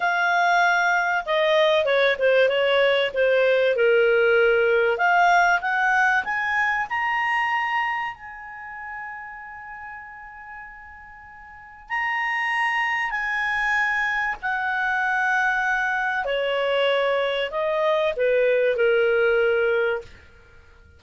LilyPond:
\new Staff \with { instrumentName = "clarinet" } { \time 4/4 \tempo 4 = 96 f''2 dis''4 cis''8 c''8 | cis''4 c''4 ais'2 | f''4 fis''4 gis''4 ais''4~ | ais''4 gis''2.~ |
gis''2. ais''4~ | ais''4 gis''2 fis''4~ | fis''2 cis''2 | dis''4 b'4 ais'2 | }